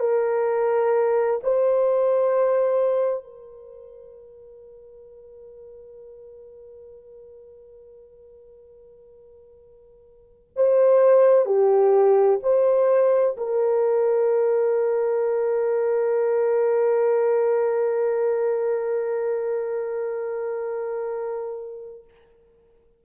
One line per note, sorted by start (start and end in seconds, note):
0.00 1.41 A#4
1.43 3.24 C5
3.24 10.50 A#4
10.56 11.46 C5
11.46 12.40 G4
12.43 13.37 C5
13.38 22.05 A#4